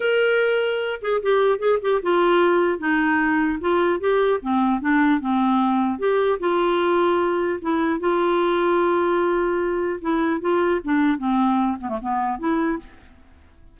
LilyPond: \new Staff \with { instrumentName = "clarinet" } { \time 4/4 \tempo 4 = 150 ais'2~ ais'8 gis'8 g'4 | gis'8 g'8 f'2 dis'4~ | dis'4 f'4 g'4 c'4 | d'4 c'2 g'4 |
f'2. e'4 | f'1~ | f'4 e'4 f'4 d'4 | c'4. b16 a16 b4 e'4 | }